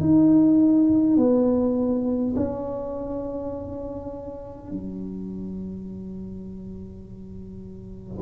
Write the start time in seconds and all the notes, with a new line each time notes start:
0.00 D#4
1.17 B3
2.36 C#4
4.71 F#3